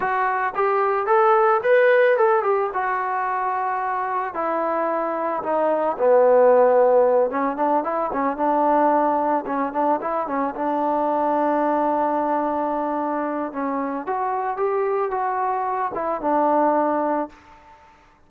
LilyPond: \new Staff \with { instrumentName = "trombone" } { \time 4/4 \tempo 4 = 111 fis'4 g'4 a'4 b'4 | a'8 g'8 fis'2. | e'2 dis'4 b4~ | b4. cis'8 d'8 e'8 cis'8 d'8~ |
d'4. cis'8 d'8 e'8 cis'8 d'8~ | d'1~ | d'4 cis'4 fis'4 g'4 | fis'4. e'8 d'2 | }